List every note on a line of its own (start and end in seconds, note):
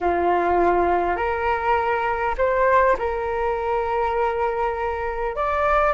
0.01 1.16 F4
1.16 2.35 A#4
2.37 2.96 C5
2.98 5.35 A#4
5.35 5.93 D5